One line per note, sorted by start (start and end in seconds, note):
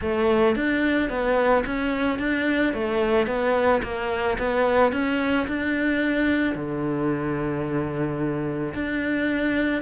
0.01 0.55 A3
0.55 1.09 D4
1.09 1.64 B3
1.66 2.18 C#4
2.18 2.73 D4
2.73 3.27 A3
3.27 3.81 B3
3.83 4.37 A#3
4.38 4.92 B3
4.92 5.46 C#4
5.47 6.55 D4
6.55 8.73 D3
8.73 9.82 D4